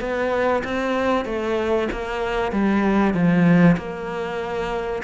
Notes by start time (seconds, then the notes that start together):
0.00 B3
0.63 C4
1.25 A3
1.91 A#3
2.52 G3
3.13 F3
3.77 A#3